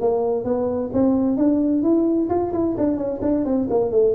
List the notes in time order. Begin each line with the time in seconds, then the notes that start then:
0.00 A#3
0.44 B3
0.93 C4
1.37 D4
1.83 E4
2.29 F4
2.53 E4
2.77 D4
2.97 C#4
3.22 D4
3.45 C4
3.70 A#3
3.91 A3